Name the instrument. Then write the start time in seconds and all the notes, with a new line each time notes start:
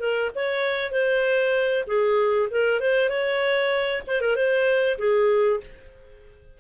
clarinet
0.00 A#4
0.35 C#5
0.92 C5
1.87 G#4
2.51 A#4
2.80 C5
3.10 C#5
4.07 C5
4.21 A#4
4.36 C5
4.98 G#4